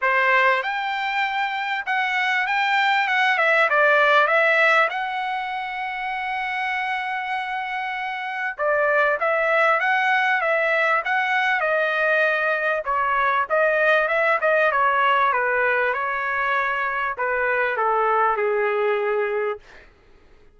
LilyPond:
\new Staff \with { instrumentName = "trumpet" } { \time 4/4 \tempo 4 = 98 c''4 g''2 fis''4 | g''4 fis''8 e''8 d''4 e''4 | fis''1~ | fis''2 d''4 e''4 |
fis''4 e''4 fis''4 dis''4~ | dis''4 cis''4 dis''4 e''8 dis''8 | cis''4 b'4 cis''2 | b'4 a'4 gis'2 | }